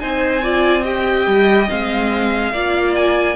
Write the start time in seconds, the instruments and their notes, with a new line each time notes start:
0.00 cello C4, viola D#4, violin C5 G#5
0.43 viola F4, violin D5
0.83 viola G4, violin D#5 G5
1.27 cello G3
1.69 cello G#3, viola C4, violin F5
2.53 cello A#3, viola F4, violin D5
2.95 violin G#5